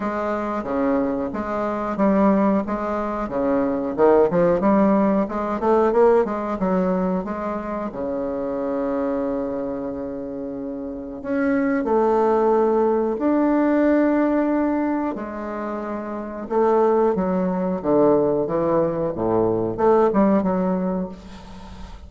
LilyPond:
\new Staff \with { instrumentName = "bassoon" } { \time 4/4 \tempo 4 = 91 gis4 cis4 gis4 g4 | gis4 cis4 dis8 f8 g4 | gis8 a8 ais8 gis8 fis4 gis4 | cis1~ |
cis4 cis'4 a2 | d'2. gis4~ | gis4 a4 fis4 d4 | e4 a,4 a8 g8 fis4 | }